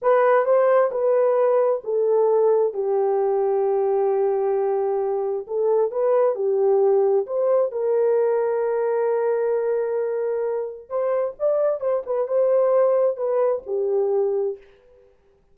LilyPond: \new Staff \with { instrumentName = "horn" } { \time 4/4 \tempo 4 = 132 b'4 c''4 b'2 | a'2 g'2~ | g'1 | a'4 b'4 g'2 |
c''4 ais'2.~ | ais'1 | c''4 d''4 c''8 b'8 c''4~ | c''4 b'4 g'2 | }